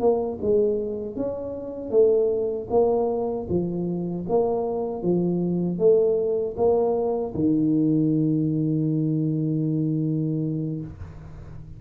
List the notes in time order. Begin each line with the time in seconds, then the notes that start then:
0.00 A#3
0.41 G#3
1.16 C#4
1.90 A3
2.70 A#3
3.49 F3
4.29 A#3
5.02 F3
5.78 A3
6.57 A#3
7.34 D#3